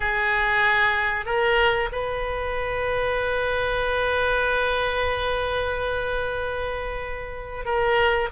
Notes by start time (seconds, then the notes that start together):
0.00 G#4
1.25 A#4
1.91 B4
7.65 A#4